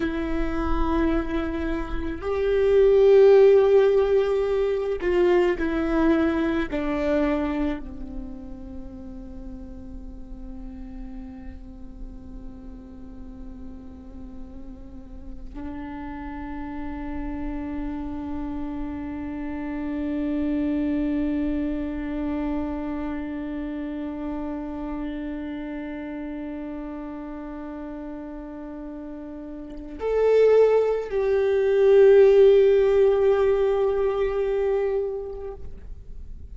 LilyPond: \new Staff \with { instrumentName = "viola" } { \time 4/4 \tempo 4 = 54 e'2 g'2~ | g'8 f'8 e'4 d'4 c'4~ | c'1~ | c'2 d'2~ |
d'1~ | d'1~ | d'2. a'4 | g'1 | }